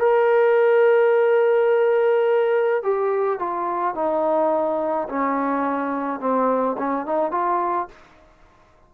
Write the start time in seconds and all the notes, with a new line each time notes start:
0.00 A#4
2.83 G4
3.40 F4
3.95 D#4
5.09 C#4
6.20 C4
6.78 C#4
7.07 D#4
7.32 F4